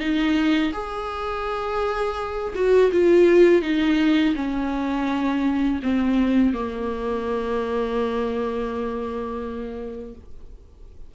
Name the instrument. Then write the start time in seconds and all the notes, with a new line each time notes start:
viola
0.00 D#4
0.73 G#4
2.55 F#4
2.92 F4
3.62 D#4
4.36 C#4
5.83 C4
6.54 A#3